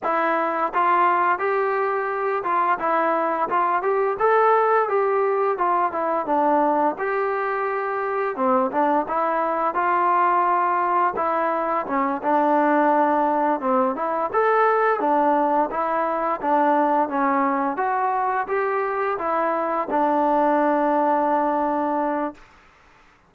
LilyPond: \new Staff \with { instrumentName = "trombone" } { \time 4/4 \tempo 4 = 86 e'4 f'4 g'4. f'8 | e'4 f'8 g'8 a'4 g'4 | f'8 e'8 d'4 g'2 | c'8 d'8 e'4 f'2 |
e'4 cis'8 d'2 c'8 | e'8 a'4 d'4 e'4 d'8~ | d'8 cis'4 fis'4 g'4 e'8~ | e'8 d'2.~ d'8 | }